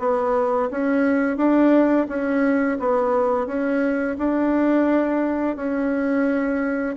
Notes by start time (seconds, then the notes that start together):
0.00 B3
0.71 C#4
1.37 D4
2.09 C#4
2.80 B3
3.47 C#4
4.19 D4
5.57 C#4